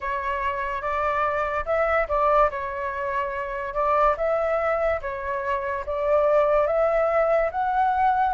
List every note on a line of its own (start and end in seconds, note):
0.00 0.81 C#5
0.81 1.64 D5
1.65 2.07 E5
2.08 2.50 D5
2.50 3.73 C#5
3.73 4.15 D5
4.17 5.00 E5
5.01 5.84 C#5
5.85 6.67 D5
6.67 7.50 E5
7.51 8.34 F#5